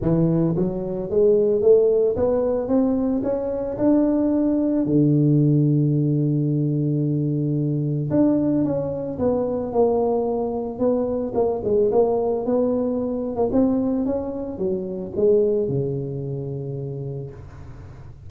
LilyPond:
\new Staff \with { instrumentName = "tuba" } { \time 4/4 \tempo 4 = 111 e4 fis4 gis4 a4 | b4 c'4 cis'4 d'4~ | d'4 d2.~ | d2. d'4 |
cis'4 b4 ais2 | b4 ais8 gis8 ais4 b4~ | b8. ais16 c'4 cis'4 fis4 | gis4 cis2. | }